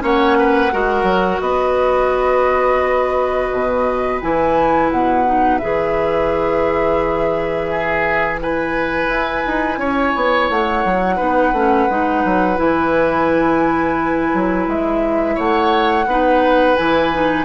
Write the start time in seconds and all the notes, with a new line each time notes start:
0.00 A#3 C#4 C#5 F#5
0.39 B4
0.72 G#3 F#4 A#4
1.03 F#3
1.41 B3 B4 D#5
3.52 B2
4.21 E3 E4 G#5
4.91 B2 F#5
5.25 D#4
5.58 E3 G#4 E5
7.71 G#4
8.39 E4 B4 G#5
9.09 E4
9.47 D#4
9.77 C#4 C#5
10.16 B3
10.50 A3 F#5
10.85 F#3
11.17 B3 D#4 B4
11.53 A3 C#4
11.90 G#3 D#4
12.25 F#3
12.56 E3 E4 G#5
14.34 F#3
14.68 G#3 E5
15.35 A3 C#5 F#5
16.06 B3 D#4 B4
16.76 E3 E4 G#5
17.13 D#4